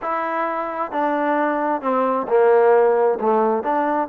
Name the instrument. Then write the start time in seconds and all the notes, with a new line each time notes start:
trombone
0.02 E4
0.91 D4
1.81 C4
2.27 A#3
3.20 A3
3.63 D4